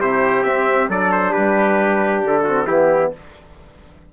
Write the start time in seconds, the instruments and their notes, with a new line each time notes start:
0.00 bassoon C3, trombone E4, trumpet G4 C5
0.43 bassoon C4, trombone C4, trumpet E5
0.88 bassoon F#3, trombone D4, trumpet A4 D5
1.12 trumpet C5
1.31 bassoon G3, trumpet G4 B4
2.24 bassoon D3, trumpet A4
2.43 trombone C4, trumpet F#4
2.66 bassoon E3, trombone B3, trumpet E4 G4